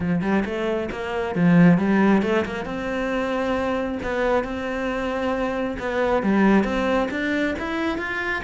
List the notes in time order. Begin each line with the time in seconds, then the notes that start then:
0.00 F3
0.21 G3
0.45 A3
0.91 A#3
1.35 F3
1.78 G3
2.22 A3
2.45 A#3
2.65 C4
4.03 B3
4.43 C4
5.79 B3
6.22 G3
6.64 C4
7.10 D4
7.58 E4
7.98 F4